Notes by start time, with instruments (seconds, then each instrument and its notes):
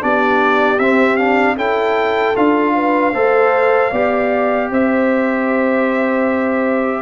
0.00 tuba B3, trombone D4, horn G4, trumpet D5
0.79 tuba C4, trombone C4, trumpet E5
1.16 trombone D4, trumpet F5
1.56 tuba C#4, trombone E4, horn A4, trumpet G5
2.35 tuba D4, trombone F4, trumpet F5
2.75 horn B4
3.13 tuba A3, trombone A4, horn C5
3.91 tuba B3, trombone G4, horn D5
4.70 tuba C4, horn C5, trumpet E5